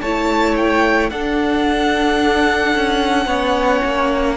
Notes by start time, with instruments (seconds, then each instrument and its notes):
0.00 cello A3, viola E4, violin C#5 A5
0.56 violin G5
1.10 cello D4, viola D4, violin A4 F#5
2.75 cello C#4
3.26 cello B3, viola C#4, violin C#5
3.84 cello A#3